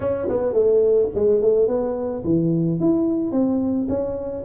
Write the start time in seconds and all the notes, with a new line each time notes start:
0.00 C#4
0.29 B3
0.53 A3
1.14 G#3
1.41 A3
1.67 B3
2.24 E3
2.80 E4
3.31 C4
3.89 C#4